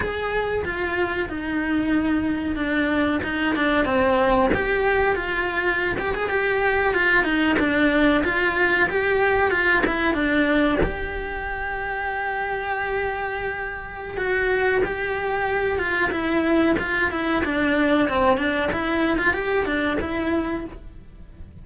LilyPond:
\new Staff \with { instrumentName = "cello" } { \time 4/4 \tempo 4 = 93 gis'4 f'4 dis'2 | d'4 dis'8 d'8 c'4 g'4 | f'4~ f'16 g'16 gis'16 g'4 f'8 dis'8 d'16~ | d'8. f'4 g'4 f'8 e'8 d'16~ |
d'8. g'2.~ g'16~ | g'2 fis'4 g'4~ | g'8 f'8 e'4 f'8 e'8 d'4 | c'8 d'8 e'8. f'16 g'8 d'8 e'4 | }